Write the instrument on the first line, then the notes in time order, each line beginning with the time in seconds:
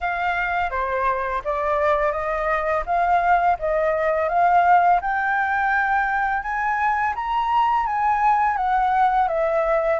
flute
0.00 F5
0.70 C5
1.44 D5
2.12 D#5
2.86 F5
3.59 D#5
4.29 F5
5.01 G5
6.42 G#5
7.15 A#5
7.86 G#5
8.56 F#5
9.28 E5